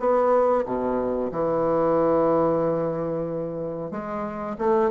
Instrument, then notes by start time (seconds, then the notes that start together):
bassoon
0.00 B3
0.66 B2
1.32 E3
3.91 G#3
4.58 A3